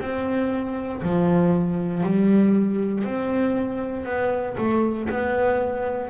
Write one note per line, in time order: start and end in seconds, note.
0.00 1.02 C4
1.02 2.03 F3
2.03 3.04 G3
3.04 4.05 C4
4.05 4.56 B3
4.57 5.08 A3
5.09 6.10 B3